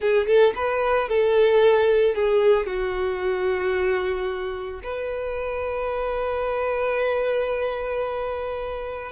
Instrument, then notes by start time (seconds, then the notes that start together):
violin
0.00 G#4
0.26 A4
0.55 B4
1.09 A4
2.15 G#4
2.66 F#4
4.83 B4